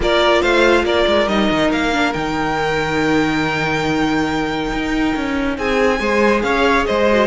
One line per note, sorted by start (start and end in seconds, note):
0.00 0.41 A#3
0.00 1.28 F4
0.00 0.41 A#4
0.00 0.41 D5
0.41 0.83 A3
0.41 0.84 C5
0.41 0.84 F5
0.83 1.05 A#3
0.83 5.56 A#4
0.83 1.28 D5
1.07 1.27 G#3
1.27 1.49 G3
1.27 1.92 D#4
1.27 1.70 D#5
1.50 1.71 D#3
1.71 2.14 A#3
1.71 2.13 F5
1.92 2.14 D4
2.13 4.72 D#3
2.13 5.99 D#4
2.13 5.56 G5
4.72 5.15 D#4
5.15 5.58 C#4
5.56 6.00 C4
5.56 5.99 G#4
5.56 6.42 G#5
5.99 6.42 G#3
5.99 7.06 G#4
5.99 6.43 C5
6.42 6.85 C#4
6.42 6.87 C#5
6.42 6.85 F5
6.86 7.27 G#3
6.86 7.27 C5
6.86 7.27 D#5
7.11 7.27 F#4